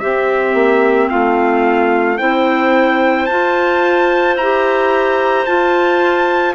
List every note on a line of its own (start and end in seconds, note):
0.00 0.54 C4
0.00 2.20 C4
0.00 1.10 G4
0.00 1.09 E5
0.54 1.09 A#3
1.09 2.21 A3
1.09 2.18 F4
1.09 2.18 F5
2.18 3.29 C4
2.18 3.29 E4
2.18 6.55 C5
2.18 3.26 G5
3.26 4.36 F4
3.26 4.39 F4
3.26 4.35 A5
4.36 5.45 E4
4.36 5.47 G4
4.36 5.46 A#5
5.46 6.56 F4
5.46 6.55 A5